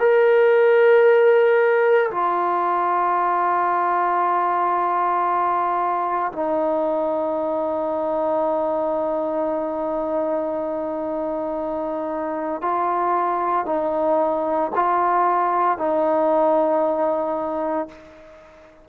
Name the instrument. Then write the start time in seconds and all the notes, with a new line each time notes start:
trombone
0.00 A#4
2.11 F4
6.33 D#4
12.62 F4
13.66 D#4
14.75 F4
15.78 D#4